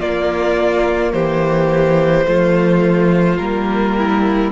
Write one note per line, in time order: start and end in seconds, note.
0.00 2.26 A#3
0.00 1.13 A#3
0.00 1.13 F4
0.00 1.13 D5
1.13 2.26 E3
1.13 2.27 G4
1.13 3.37 C5
2.26 3.39 F3
2.26 3.39 A3
2.26 3.97 F4
3.37 4.52 G3
3.37 4.52 A#3
3.37 4.51 A#4
3.98 4.52 E4